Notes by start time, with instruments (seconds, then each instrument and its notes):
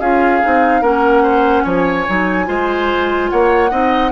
0.00 bassoon C#4, clarinet F4, oboe G#4, flute F5
0.42 bassoon C4, clarinet D#4
0.82 bassoon A#3, clarinet C#4, oboe A#4, flute F#5
1.23 oboe C5
1.64 bassoon F3, oboe C#5, flute G#5
2.08 bassoon F#3, clarinet D#4
2.46 bassoon G#3, clarinet F4, oboe C5
3.30 bassoon A#3, oboe C#5, flute F#5
3.71 bassoon C4, clarinet D#4, oboe D#5